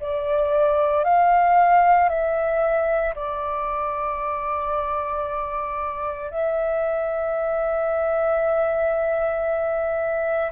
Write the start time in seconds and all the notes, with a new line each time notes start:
0.00 D5
1.04 F5
2.09 E5
3.15 D5
6.30 E5